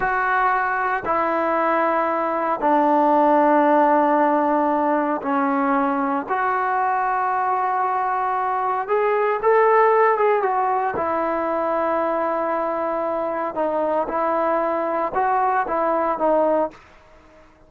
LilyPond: \new Staff \with { instrumentName = "trombone" } { \time 4/4 \tempo 4 = 115 fis'2 e'2~ | e'4 d'2.~ | d'2 cis'2 | fis'1~ |
fis'4 gis'4 a'4. gis'8 | fis'4 e'2.~ | e'2 dis'4 e'4~ | e'4 fis'4 e'4 dis'4 | }